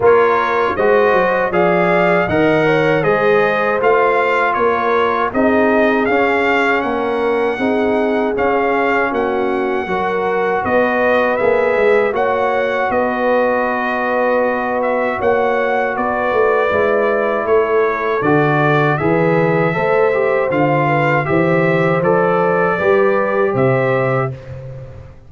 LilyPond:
<<
  \new Staff \with { instrumentName = "trumpet" } { \time 4/4 \tempo 4 = 79 cis''4 dis''4 f''4 fis''4 | dis''4 f''4 cis''4 dis''4 | f''4 fis''2 f''4 | fis''2 dis''4 e''4 |
fis''4 dis''2~ dis''8 e''8 | fis''4 d''2 cis''4 | d''4 e''2 f''4 | e''4 d''2 e''4 | }
  \new Staff \with { instrumentName = "horn" } { \time 4/4 ais'4 c''4 d''4 dis''8 cis''8 | c''2 ais'4 gis'4~ | gis'4 ais'4 gis'2 | fis'4 ais'4 b'2 |
cis''4 b'2. | cis''4 b'2 a'4~ | a'4 b'4 c''4. b'8 | c''2 b'4 c''4 | }
  \new Staff \with { instrumentName = "trombone" } { \time 4/4 f'4 fis'4 gis'4 ais'4 | gis'4 f'2 dis'4 | cis'2 dis'4 cis'4~ | cis'4 fis'2 gis'4 |
fis'1~ | fis'2 e'2 | fis'4 gis'4 a'8 g'8 f'4 | g'4 a'4 g'2 | }
  \new Staff \with { instrumentName = "tuba" } { \time 4/4 ais4 gis8 fis8 f4 dis4 | gis4 a4 ais4 c'4 | cis'4 ais4 c'4 cis'4 | ais4 fis4 b4 ais8 gis8 |
ais4 b2. | ais4 b8 a8 gis4 a4 | d4 e4 a4 d4 | e4 f4 g4 c4 | }
>>